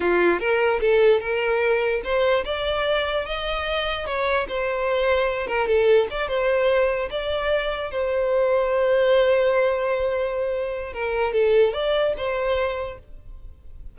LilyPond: \new Staff \with { instrumentName = "violin" } { \time 4/4 \tempo 4 = 148 f'4 ais'4 a'4 ais'4~ | ais'4 c''4 d''2 | dis''2 cis''4 c''4~ | c''4. ais'8 a'4 d''8 c''8~ |
c''4. d''2 c''8~ | c''1~ | c''2. ais'4 | a'4 d''4 c''2 | }